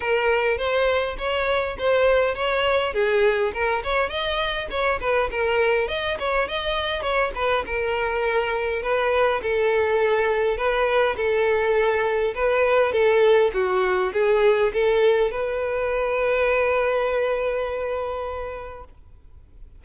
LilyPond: \new Staff \with { instrumentName = "violin" } { \time 4/4 \tempo 4 = 102 ais'4 c''4 cis''4 c''4 | cis''4 gis'4 ais'8 cis''8 dis''4 | cis''8 b'8 ais'4 dis''8 cis''8 dis''4 | cis''8 b'8 ais'2 b'4 |
a'2 b'4 a'4~ | a'4 b'4 a'4 fis'4 | gis'4 a'4 b'2~ | b'1 | }